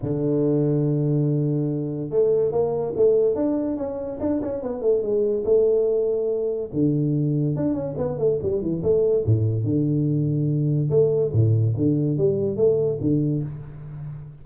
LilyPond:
\new Staff \with { instrumentName = "tuba" } { \time 4/4 \tempo 4 = 143 d1~ | d4 a4 ais4 a4 | d'4 cis'4 d'8 cis'8 b8 a8 | gis4 a2. |
d2 d'8 cis'8 b8 a8 | g8 e8 a4 a,4 d4~ | d2 a4 a,4 | d4 g4 a4 d4 | }